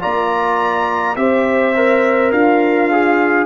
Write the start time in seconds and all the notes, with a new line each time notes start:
0.00 A#3 F4 D5 A#5
1.16 C4 G4 C5 E5
1.76 A#4
2.31 D4 F4 F5
2.92 G#4